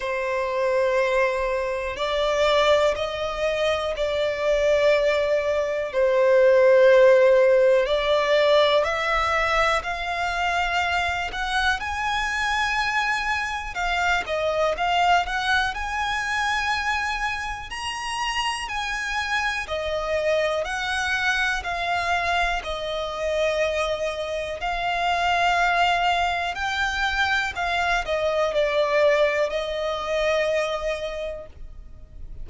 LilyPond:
\new Staff \with { instrumentName = "violin" } { \time 4/4 \tempo 4 = 61 c''2 d''4 dis''4 | d''2 c''2 | d''4 e''4 f''4. fis''8 | gis''2 f''8 dis''8 f''8 fis''8 |
gis''2 ais''4 gis''4 | dis''4 fis''4 f''4 dis''4~ | dis''4 f''2 g''4 | f''8 dis''8 d''4 dis''2 | }